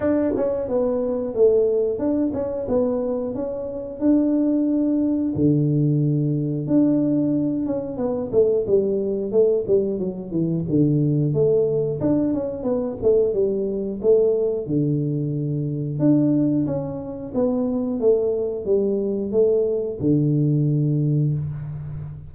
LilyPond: \new Staff \with { instrumentName = "tuba" } { \time 4/4 \tempo 4 = 90 d'8 cis'8 b4 a4 d'8 cis'8 | b4 cis'4 d'2 | d2 d'4. cis'8 | b8 a8 g4 a8 g8 fis8 e8 |
d4 a4 d'8 cis'8 b8 a8 | g4 a4 d2 | d'4 cis'4 b4 a4 | g4 a4 d2 | }